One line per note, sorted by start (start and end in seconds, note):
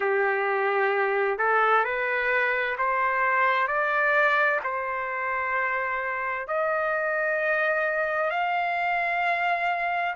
0.00 1.38 G4
1.38 1.84 A4
1.84 2.76 B4
2.78 3.67 C5
3.67 4.59 D5
4.63 6.47 C5
6.47 8.30 D#5
8.30 10.15 F5